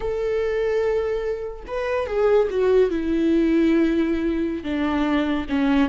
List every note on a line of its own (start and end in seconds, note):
0.00 1.63 A4
1.67 2.06 B4
2.06 2.48 G#4
2.50 2.90 F#4
2.90 4.63 E4
4.63 5.46 D4
5.49 5.89 C#4